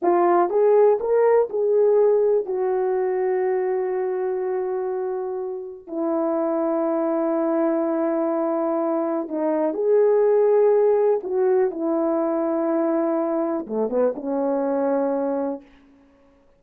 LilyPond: \new Staff \with { instrumentName = "horn" } { \time 4/4 \tempo 4 = 123 f'4 gis'4 ais'4 gis'4~ | gis'4 fis'2.~ | fis'1 | e'1~ |
e'2. dis'4 | gis'2. fis'4 | e'1 | a8 b8 cis'2. | }